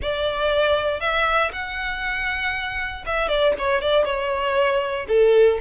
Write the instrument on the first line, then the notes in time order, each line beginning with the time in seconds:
violin
0.02 D5
1.00 E5
1.52 F#5
3.05 E5
3.28 D5
3.58 C#5
3.81 D5
4.04 C#5
5.08 A4